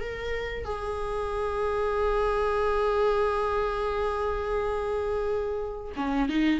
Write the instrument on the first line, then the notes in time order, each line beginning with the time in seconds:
viola
0.00 A#4
0.64 G#4
5.96 C#4
6.29 D#4